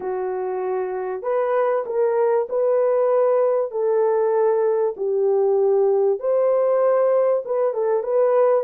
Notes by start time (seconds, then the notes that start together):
0.00 F#4
1.22 B4
1.86 A#4
2.49 B4
3.71 A4
4.96 G4
6.19 C5
7.45 B4
7.73 A4
8.03 B4